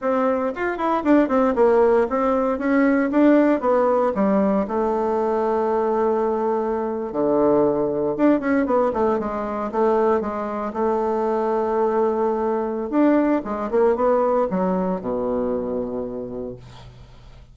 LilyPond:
\new Staff \with { instrumentName = "bassoon" } { \time 4/4 \tempo 4 = 116 c'4 f'8 e'8 d'8 c'8 ais4 | c'4 cis'4 d'4 b4 | g4 a2.~ | a4.~ a16 d2 d'16~ |
d'16 cis'8 b8 a8 gis4 a4 gis16~ | gis8. a2.~ a16~ | a4 d'4 gis8 ais8 b4 | fis4 b,2. | }